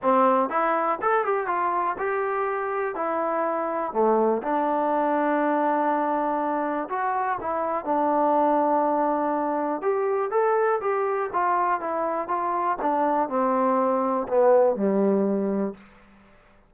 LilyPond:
\new Staff \with { instrumentName = "trombone" } { \time 4/4 \tempo 4 = 122 c'4 e'4 a'8 g'8 f'4 | g'2 e'2 | a4 d'2.~ | d'2 fis'4 e'4 |
d'1 | g'4 a'4 g'4 f'4 | e'4 f'4 d'4 c'4~ | c'4 b4 g2 | }